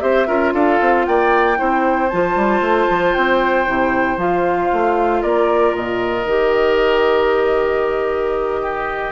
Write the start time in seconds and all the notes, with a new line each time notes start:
0.00 C4 G4 C5 E5
0.26 C#4 F4 A#4
0.53 D4 A4 F5
0.80 C4
1.05 A#3 D5 G5
1.56 C4 E4 C5
2.09 F3 F4 A5
2.36 G3
2.60 A3
2.89 F3
3.13 C4 G5
3.66 C3 E4
4.17 F3 F4 F5
4.72 A3
5.22 A#3 A#4 D5
5.75 A#2 D#5
6.25 D#3 G4
8.62 G4